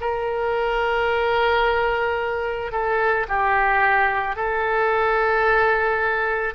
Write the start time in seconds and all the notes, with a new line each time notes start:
0.00 A#4
2.72 A4
3.28 G4
4.35 A4